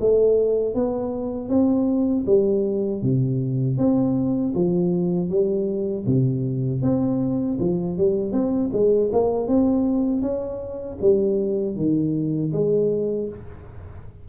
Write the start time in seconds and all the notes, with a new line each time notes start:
0.00 A3
0.75 B3
1.49 C4
2.26 G3
3.02 C3
3.78 C4
4.55 F3
5.29 G3
6.06 C3
6.82 C4
7.59 F3
7.97 G3
8.32 C4
8.72 G#3
9.12 A#3
9.48 C4
10.22 C#4
11.01 G3
11.76 D#3
12.52 G#3